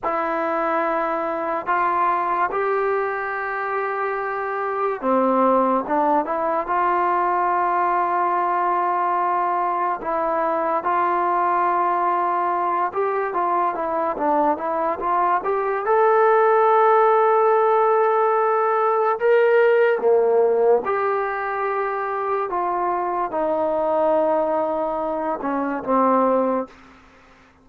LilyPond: \new Staff \with { instrumentName = "trombone" } { \time 4/4 \tempo 4 = 72 e'2 f'4 g'4~ | g'2 c'4 d'8 e'8 | f'1 | e'4 f'2~ f'8 g'8 |
f'8 e'8 d'8 e'8 f'8 g'8 a'4~ | a'2. ais'4 | ais4 g'2 f'4 | dis'2~ dis'8 cis'8 c'4 | }